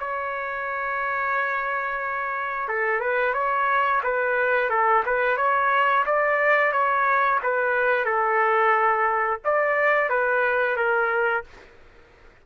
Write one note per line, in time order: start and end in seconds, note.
0.00 2.69 C#5
2.69 3.01 A4
3.01 3.34 B4
3.34 4.02 C#5
4.04 4.70 B4
4.70 5.04 A4
5.06 5.37 B4
5.37 6.05 C#5
6.06 6.73 D5
6.73 7.40 C#5
7.43 8.06 B4
8.06 9.40 A4
9.45 10.10 D5
10.10 10.77 B4
10.77 11.45 A#4